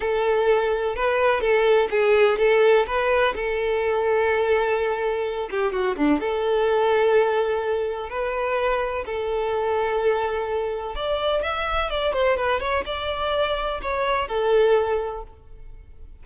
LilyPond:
\new Staff \with { instrumentName = "violin" } { \time 4/4 \tempo 4 = 126 a'2 b'4 a'4 | gis'4 a'4 b'4 a'4~ | a'2.~ a'8 g'8 | fis'8 d'8 a'2.~ |
a'4 b'2 a'4~ | a'2. d''4 | e''4 d''8 c''8 b'8 cis''8 d''4~ | d''4 cis''4 a'2 | }